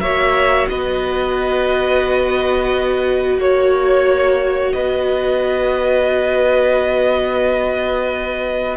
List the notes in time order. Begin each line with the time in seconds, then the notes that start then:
0.00 A#3 F#4 C#5 E5
0.69 B3 B4 D#5
3.37 A#3 C#5
4.73 B3 B4 D#5